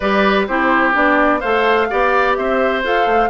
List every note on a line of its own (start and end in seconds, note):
0.00 0.48 G3
0.00 0.49 G4
0.00 0.47 B4
0.00 0.45 D5
0.47 0.95 C4
0.47 0.93 E4
0.47 1.40 G4
0.47 0.94 C5
0.93 1.42 B3
0.93 1.40 D4
0.93 1.40 D5
1.40 1.91 A3
1.40 1.89 A4
1.40 1.87 C5
1.40 2.34 F5
1.89 2.38 B3
1.89 2.83 G4
1.89 2.37 D5
2.35 2.84 C4
2.35 3.29 C5
2.35 2.82 E5
2.83 3.06 F4
2.83 3.29 A4
2.83 3.29 F5
3.06 3.29 A3